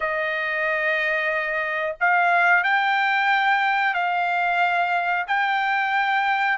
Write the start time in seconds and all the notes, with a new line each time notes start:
0.00 D#5
2.00 F5
2.63 G5
3.94 F5
5.27 G5